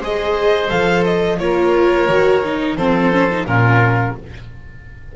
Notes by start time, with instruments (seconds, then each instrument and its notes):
0.00 double bass G#3, viola G#4, oboe C5, violin D#5
0.69 double bass F3, viola A4, violin F5
1.05 violin D#5
1.39 double bass A#3, viola F4, oboe A#4, violin C#5
2.08 double bass D#3, viola F#4
2.45 viola D#4
2.77 double bass F3, viola C4, oboe A4, violin C5
3.12 viola C#4
3.31 viola D#4
3.46 double bass A#2, viola C#4, oboe F4, violin A#4